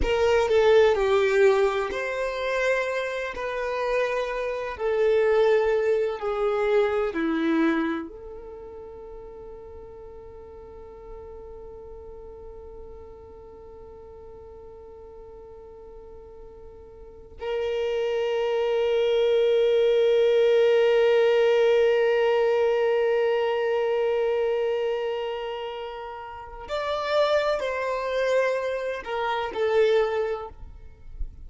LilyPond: \new Staff \with { instrumentName = "violin" } { \time 4/4 \tempo 4 = 63 ais'8 a'8 g'4 c''4. b'8~ | b'4 a'4. gis'4 e'8~ | e'8 a'2.~ a'8~ | a'1~ |
a'2~ a'16 ais'4.~ ais'16~ | ais'1~ | ais'1 | d''4 c''4. ais'8 a'4 | }